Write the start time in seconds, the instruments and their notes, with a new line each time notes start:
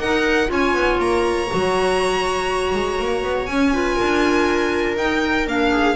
0.00 double bass D#4, clarinet D#4, viola A#4, violin F#5
0.47 double bass C#4, clarinet F4, viola C#5, violin G#5
0.74 double bass B3
0.99 double bass A#3, violin A#5
1.50 double bass F#3, clarinet F#4
2.75 double bass G#3
3.00 double bass A#3
3.24 double bass B3
3.46 double bass C#4, clarinet C#4, violin G#5
3.73 clarinet F4, viola B4
3.96 double bass D4, viola A#4
4.97 double bass D#4, clarinet D#4, violin G5
5.46 double bass A#3, clarinet D4, violin F5
5.72 viola G#4